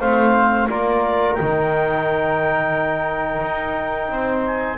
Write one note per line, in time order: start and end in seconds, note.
0.00 0.69 A3
0.00 0.70 C4
0.00 0.68 C5
0.00 0.68 F5
0.69 1.38 A#3
0.69 1.38 F4
0.69 4.10 A#4
0.69 1.34 D5
1.34 3.42 D#3
1.34 4.78 D#4
1.34 4.41 G5
3.42 4.09 D#4
4.09 4.77 C4
4.09 4.78 C5
4.46 4.78 G#5